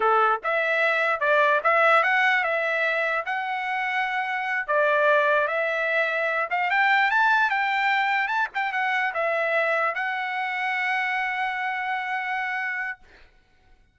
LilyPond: \new Staff \with { instrumentName = "trumpet" } { \time 4/4 \tempo 4 = 148 a'4 e''2 d''4 | e''4 fis''4 e''2 | fis''2.~ fis''8 d''8~ | d''4. e''2~ e''8 |
f''8 g''4 a''4 g''4.~ | g''8 a''8 g''8 fis''4 e''4.~ | e''8 fis''2.~ fis''8~ | fis''1 | }